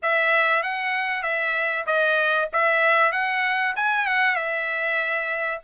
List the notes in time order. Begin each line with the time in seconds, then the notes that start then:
0.02 E5
0.62 F#5
1.22 E5
1.86 D#5
2.52 E5
3.12 F#5
3.76 G#5
4.06 F#5
4.35 E5